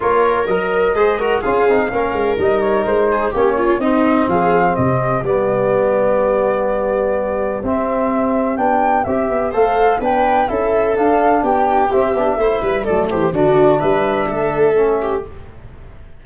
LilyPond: <<
  \new Staff \with { instrumentName = "flute" } { \time 4/4 \tempo 4 = 126 cis''4 dis''2 f''4~ | f''4 dis''8 cis''8 c''4 cis''4 | dis''4 f''4 dis''4 d''4~ | d''1 |
e''2 g''4 e''4 | f''4 g''4 e''4 f''4 | g''4 e''2 d''8 c''8 | d''4 e''2. | }
  \new Staff \with { instrumentName = "viola" } { \time 4/4 ais'2 c''8 ais'8 gis'4 | ais'2~ ais'8 gis'8 g'8 f'8 | dis'4 gis'4 g'2~ | g'1~ |
g'1 | c''4 b'4 a'2 | g'2 c''8 b'8 a'8 g'8 | fis'4 b'4 a'4. g'8 | }
  \new Staff \with { instrumentName = "trombone" } { \time 4/4 f'4 ais'4 gis'8 fis'8 f'8 dis'8 | cis'4 dis'2 cis'4 | c'2. b4~ | b1 |
c'2 d'4 g'4 | a'4 d'4 e'4 d'4~ | d'4 c'8 d'8 e'4 a4 | d'2. cis'4 | }
  \new Staff \with { instrumentName = "tuba" } { \time 4/4 ais4 fis4 gis4 cis'8 c'8 | ais8 gis8 g4 gis4 ais4 | c'4 f4 c4 g4~ | g1 |
c'2 b4 c'8 b8 | a4 b4 cis'4 d'4 | b4 c'8 b8 a8 g8 fis8 e8 | d4 g4 a2 | }
>>